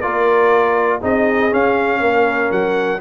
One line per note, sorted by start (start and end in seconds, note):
0.00 1.02 A#3
0.00 1.01 F4
0.00 0.99 A#4
0.00 1.00 D5
1.01 1.52 C4
1.01 1.51 D#4
1.01 2.00 G#4
1.01 1.54 D#5
1.51 2.99 C#4
1.51 2.00 C#4
1.51 2.52 F5
2.00 2.50 A#3
2.00 3.01 A#4
2.51 3.01 F#3
2.51 3.01 F#5